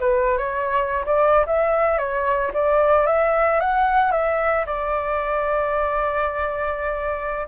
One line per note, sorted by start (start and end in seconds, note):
0.00 0.38 B4
0.38 1.05 C#5
1.06 1.46 D5
1.46 1.98 E5
1.98 2.52 C#5
2.53 3.07 D5
3.07 3.60 E5
3.60 4.12 F#5
4.12 4.65 E5
4.66 7.47 D5